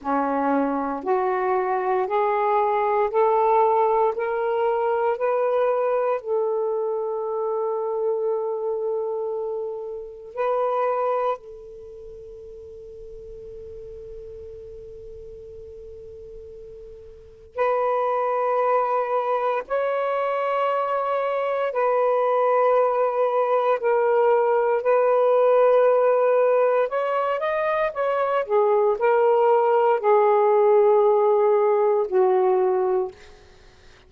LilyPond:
\new Staff \with { instrumentName = "saxophone" } { \time 4/4 \tempo 4 = 58 cis'4 fis'4 gis'4 a'4 | ais'4 b'4 a'2~ | a'2 b'4 a'4~ | a'1~ |
a'4 b'2 cis''4~ | cis''4 b'2 ais'4 | b'2 cis''8 dis''8 cis''8 gis'8 | ais'4 gis'2 fis'4 | }